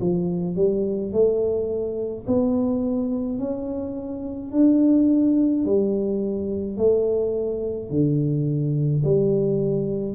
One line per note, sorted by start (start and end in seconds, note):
0.00 0.56 F3
0.56 1.12 G3
1.12 2.25 A3
2.27 3.39 B3
3.39 4.52 C#4
4.52 5.65 D4
5.65 6.77 G3
6.77 7.90 A3
7.90 9.03 D3
9.04 10.15 G3